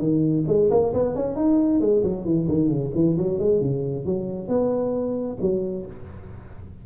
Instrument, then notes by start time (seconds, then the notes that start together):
tuba
0.00 D#3
0.48 G#3
0.71 A#3
0.94 B3
1.16 C#4
1.36 D#4
1.81 G#3
2.04 F#3
2.26 E3
2.49 D#3
2.69 C#3
2.95 E3
3.18 F#3
3.40 G#3
3.61 C#3
4.06 F#3
4.49 B3
5.42 F#3